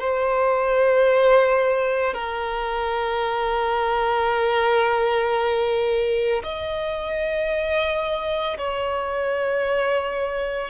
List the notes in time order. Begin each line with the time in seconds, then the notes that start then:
0.00 C5
2.14 A#4
6.43 D#5
8.58 C#5